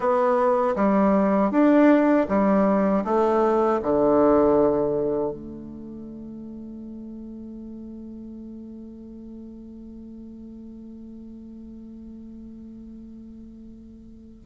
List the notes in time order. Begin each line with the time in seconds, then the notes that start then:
0.00 B3
0.75 G3
1.51 D4
2.28 G3
3.04 A3
3.82 D3
5.31 A3